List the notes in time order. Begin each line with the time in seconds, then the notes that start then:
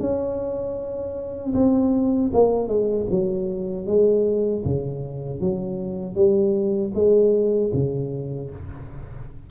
0.00 C#4
1.55 C4
2.34 A#3
2.68 G#3
3.10 F#3
3.87 G#3
4.65 C#3
5.41 F#3
6.16 G3
6.95 G#3
7.74 C#3